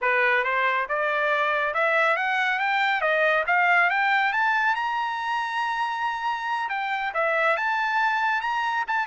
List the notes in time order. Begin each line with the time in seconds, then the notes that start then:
0.01 B4
0.44 C5
0.88 D5
1.74 E5
2.16 F#5
2.59 G5
3.01 D#5
3.46 F5
3.89 G5
4.33 A5
4.75 A#5
6.69 G5
7.14 E5
7.56 A5
8.41 A#5
8.87 A5